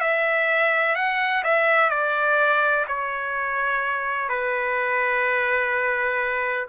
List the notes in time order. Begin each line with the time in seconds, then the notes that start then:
0.00 E5
0.95 F#5
1.44 E5
1.90 D5
2.87 C#5
4.29 B4